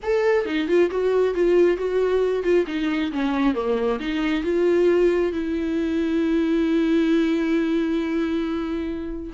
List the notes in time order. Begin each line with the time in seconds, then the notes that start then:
0.02 A4
0.45 D#4
0.67 F4
0.90 F#4
1.34 F4
1.77 F#4
2.43 F4
2.67 D#4
3.12 C#4
3.54 A#3
3.99 D#4
4.43 F4
5.32 E4